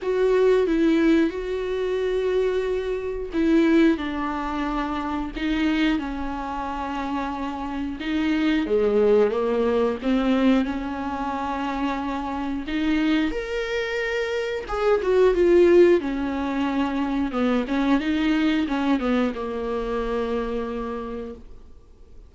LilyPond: \new Staff \with { instrumentName = "viola" } { \time 4/4 \tempo 4 = 90 fis'4 e'4 fis'2~ | fis'4 e'4 d'2 | dis'4 cis'2. | dis'4 gis4 ais4 c'4 |
cis'2. dis'4 | ais'2 gis'8 fis'8 f'4 | cis'2 b8 cis'8 dis'4 | cis'8 b8 ais2. | }